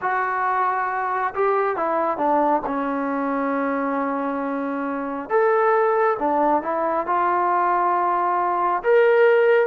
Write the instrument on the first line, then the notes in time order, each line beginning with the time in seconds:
trombone
0.01 F#4
1.34 G4
1.76 E4
2.17 D4
2.66 C#4
5.29 A4
6.19 D4
6.62 E4
7.06 F4
8.83 A#4